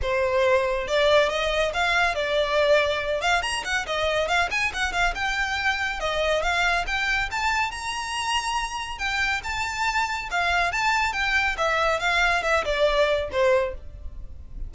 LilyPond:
\new Staff \with { instrumentName = "violin" } { \time 4/4 \tempo 4 = 140 c''2 d''4 dis''4 | f''4 d''2~ d''8 f''8 | ais''8 fis''8 dis''4 f''8 gis''8 fis''8 f''8 | g''2 dis''4 f''4 |
g''4 a''4 ais''2~ | ais''4 g''4 a''2 | f''4 a''4 g''4 e''4 | f''4 e''8 d''4. c''4 | }